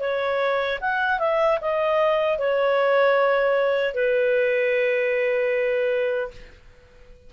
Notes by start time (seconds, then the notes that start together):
0.00 C#5
0.80 F#5
1.19 E5
1.61 D#5
2.38 C#5
3.94 B4